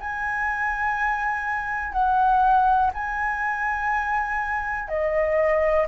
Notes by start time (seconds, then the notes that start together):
0.00 G#5
1.92 F#5
2.93 G#5
4.88 D#5